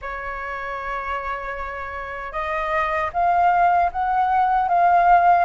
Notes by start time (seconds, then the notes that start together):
0.01 C#5
2.32 D#5
3.13 F5
3.92 F#5
4.68 F5